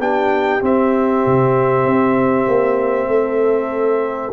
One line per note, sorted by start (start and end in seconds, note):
0.00 0.62 B3
0.00 0.62 D4
0.00 3.11 G4
0.00 0.63 G5
0.62 4.33 C4
0.62 1.24 C4
0.62 4.34 E5
1.27 1.85 C3
1.85 2.47 C4
2.48 3.08 A#3
3.08 4.31 A3
3.08 4.34 A4